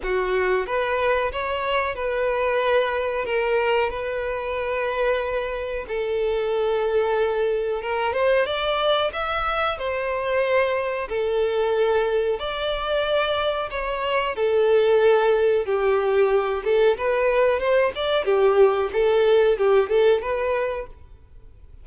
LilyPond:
\new Staff \with { instrumentName = "violin" } { \time 4/4 \tempo 4 = 92 fis'4 b'4 cis''4 b'4~ | b'4 ais'4 b'2~ | b'4 a'2. | ais'8 c''8 d''4 e''4 c''4~ |
c''4 a'2 d''4~ | d''4 cis''4 a'2 | g'4. a'8 b'4 c''8 d''8 | g'4 a'4 g'8 a'8 b'4 | }